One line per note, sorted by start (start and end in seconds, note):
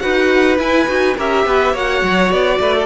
0.00 0.59 D#4
0.00 0.58 F#4
0.00 1.17 B4
0.00 0.57 F#5
0.59 0.87 E4
0.59 0.88 E4
0.59 1.17 G#5
0.88 1.17 D#4
0.88 1.16 F#4
1.17 1.46 C#4
1.17 1.75 G4
1.17 1.45 A#4
1.17 1.77 E5
1.46 1.74 B3
1.46 1.73 B4
1.73 2.03 A#3
1.73 2.87 F#4
1.73 2.59 C#5
1.73 2.33 F#5
2.04 2.31 F#3
2.31 2.60 B3
2.31 2.87 D5
2.60 2.87 A3
2.60 2.76 B4
2.76 2.87 A4